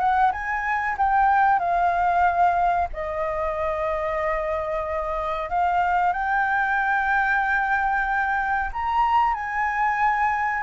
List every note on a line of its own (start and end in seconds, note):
0.00 0.32 F#5
0.33 0.97 G#5
0.98 1.60 G5
1.60 2.89 F5
2.94 5.50 D#5
5.50 6.13 F5
6.13 8.71 G5
8.73 9.35 A#5
9.35 10.64 G#5